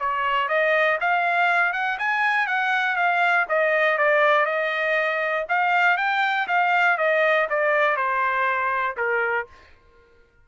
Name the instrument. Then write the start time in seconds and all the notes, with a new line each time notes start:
trumpet
0.00 C#5
0.49 D#5
1.01 F5
1.73 F#5
1.99 G#5
2.47 F#5
2.96 F5
3.49 D#5
3.98 D5
4.46 D#5
5.49 F5
5.97 G5
6.48 F5
6.98 D#5
7.50 D5
7.97 C5
8.97 A#4